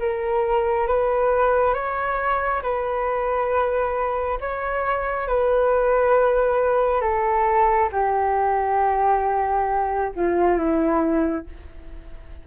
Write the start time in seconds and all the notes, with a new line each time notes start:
0.00 A#4
0.87 B4
1.74 C#5
2.63 B4
4.40 C#5
5.28 B4
7.01 A4
7.92 G4
10.16 F4
10.58 E4